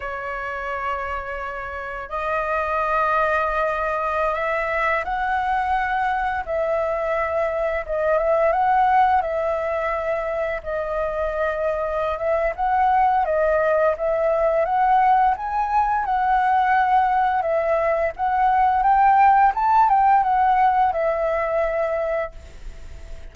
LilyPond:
\new Staff \with { instrumentName = "flute" } { \time 4/4 \tempo 4 = 86 cis''2. dis''4~ | dis''2~ dis''16 e''4 fis''8.~ | fis''4~ fis''16 e''2 dis''8 e''16~ | e''16 fis''4 e''2 dis''8.~ |
dis''4. e''8 fis''4 dis''4 | e''4 fis''4 gis''4 fis''4~ | fis''4 e''4 fis''4 g''4 | a''8 g''8 fis''4 e''2 | }